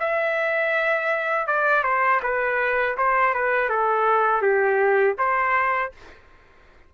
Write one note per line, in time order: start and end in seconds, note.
0.00 1.47 E5
1.47 1.84 D5
1.84 2.21 C5
2.23 2.97 B4
2.98 3.35 C5
3.35 3.70 B4
3.70 4.42 A4
4.42 5.16 G4
5.19 5.93 C5